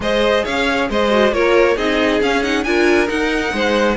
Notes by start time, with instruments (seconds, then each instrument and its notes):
0.00 cello G#3, viola G#4, violin C5 D#5
0.44 cello C#4, violin C#5 F5
0.89 cello G#3, violin C5 D#5
1.09 viola F#4
1.31 cello A#3, viola F4, violin A#4 C#5
1.76 cello C4, viola D#4, violin G#4 D#5
2.21 cello C#4, viola C#4, violin F5
2.42 viola D#4, violin F#5
2.63 cello D4, viola F4, violin A#4 G#5
3.06 viola D#4, cello D#4, violin F#5
3.53 cello G#3, violin C5